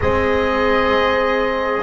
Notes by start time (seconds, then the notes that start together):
0.01 G#3 C4 G#4 D#5